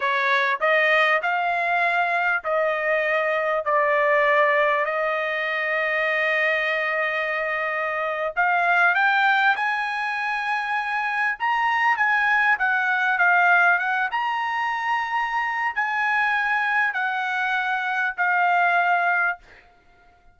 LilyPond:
\new Staff \with { instrumentName = "trumpet" } { \time 4/4 \tempo 4 = 99 cis''4 dis''4 f''2 | dis''2 d''2 | dis''1~ | dis''4.~ dis''16 f''4 g''4 gis''16~ |
gis''2~ gis''8. ais''4 gis''16~ | gis''8. fis''4 f''4 fis''8 ais''8.~ | ais''2 gis''2 | fis''2 f''2 | }